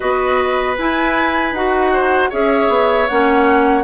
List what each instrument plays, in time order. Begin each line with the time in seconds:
0.00 bassoon B3, clarinet F#4, oboe B4, flute D#5
0.78 clarinet E4, bassoon E4, flute G#5
1.51 bassoon D#4, clarinet F#4, flute F#5
1.92 oboe C5
2.29 bassoon C#4, clarinet G#4, oboe C#5, flute E5
2.69 bassoon B3
3.08 bassoon A#3, clarinet C#4, flute F#5